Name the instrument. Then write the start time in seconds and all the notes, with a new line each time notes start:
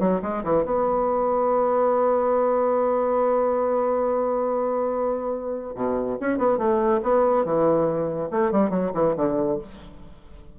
bassoon
0.00 F#3
0.22 G#3
0.44 E3
0.66 B3
5.75 B2
6.21 C#4
6.38 B3
6.58 A3
7.03 B3
7.45 E3
8.31 A3
8.52 G3
8.70 F#3
8.94 E3
9.16 D3